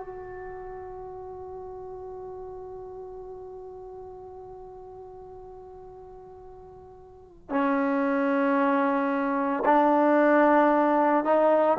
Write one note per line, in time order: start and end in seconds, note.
0.00 7.50 F#4
7.50 9.64 C#4
9.66 11.25 D4
11.25 11.78 D#4